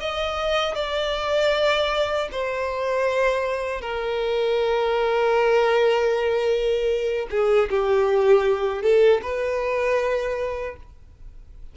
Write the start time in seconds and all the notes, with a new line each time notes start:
0.00 D#5
0.75 D5
2.32 C5
3.81 A#4
7.31 G#4
7.70 G4
8.83 A4
9.23 B4